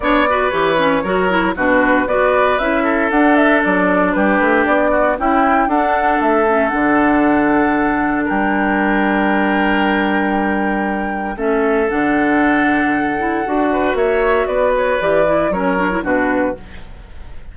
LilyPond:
<<
  \new Staff \with { instrumentName = "flute" } { \time 4/4 \tempo 4 = 116 d''4 cis''2 b'4 | d''4 e''4 fis''8 e''8 d''4 | b'4 d''4 g''4 fis''4 | e''4 fis''2. |
g''1~ | g''2 e''4 fis''4~ | fis''2. e''4 | d''8 cis''8 d''4 cis''4 b'4 | }
  \new Staff \with { instrumentName = "oboe" } { \time 4/4 cis''8 b'4. ais'4 fis'4 | b'4. a'2~ a'8 | g'4. fis'8 e'4 a'4~ | a'1 |
ais'1~ | ais'2 a'2~ | a'2~ a'8 b'8 cis''4 | b'2 ais'4 fis'4 | }
  \new Staff \with { instrumentName = "clarinet" } { \time 4/4 d'8 fis'8 g'8 cis'8 fis'8 e'8 d'4 | fis'4 e'4 d'2~ | d'2 e'4 d'4~ | d'8 cis'8 d'2.~ |
d'1~ | d'2 cis'4 d'4~ | d'4. e'8 fis'2~ | fis'4 g'8 e'8 cis'8 d'16 e'16 d'4 | }
  \new Staff \with { instrumentName = "bassoon" } { \time 4/4 b4 e4 fis4 b,4 | b4 cis'4 d'4 fis4 | g8 a8 b4 cis'4 d'4 | a4 d2. |
g1~ | g2 a4 d4~ | d2 d'4 ais4 | b4 e4 fis4 b,4 | }
>>